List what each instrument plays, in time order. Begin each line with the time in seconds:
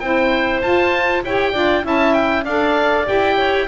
0.00 double bass C4, saxophone E4, clarinet C5, oboe G5
0.62 double bass F4, saxophone F4, oboe A5
1.24 double bass E4, saxophone G4, clarinet C#5, oboe G5
1.52 double bass D4, saxophone F4, clarinet D5
1.82 double bass C#4, saxophone E4, clarinet E5, oboe A5
2.14 oboe G5
2.44 double bass D4, saxophone A4, clarinet D5, oboe F5
3.05 double bass E4, saxophone G4, oboe G5
3.37 clarinet C#5